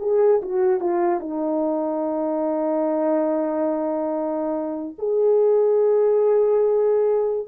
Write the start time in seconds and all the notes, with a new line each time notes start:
0.00 G#4
0.42 F#4
0.80 F4
1.20 D#4
4.99 G#4